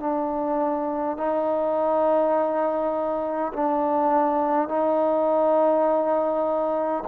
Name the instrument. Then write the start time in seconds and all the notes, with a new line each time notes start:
trombone
0.00 D4
1.17 D#4
3.53 D4
4.68 D#4